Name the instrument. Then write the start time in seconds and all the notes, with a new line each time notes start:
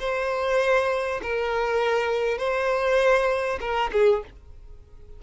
violin
0.00 C5
1.23 A#4
2.38 C5
3.61 A#4
3.93 G#4